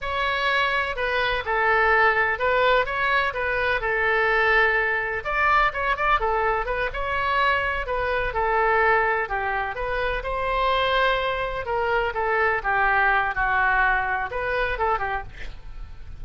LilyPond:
\new Staff \with { instrumentName = "oboe" } { \time 4/4 \tempo 4 = 126 cis''2 b'4 a'4~ | a'4 b'4 cis''4 b'4 | a'2. d''4 | cis''8 d''8 a'4 b'8 cis''4.~ |
cis''8 b'4 a'2 g'8~ | g'8 b'4 c''2~ c''8~ | c''8 ais'4 a'4 g'4. | fis'2 b'4 a'8 g'8 | }